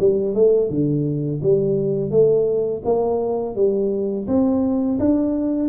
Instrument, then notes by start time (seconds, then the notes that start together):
tuba
0.00 G3
0.35 A3
0.70 D3
1.43 G3
2.11 A3
2.85 A#3
3.56 G3
4.28 C4
5.00 D4